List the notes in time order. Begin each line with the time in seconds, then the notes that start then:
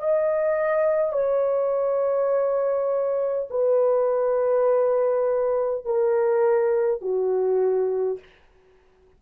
0.00 D#5
1.13 C#5
3.50 B4
5.85 A#4
7.02 F#4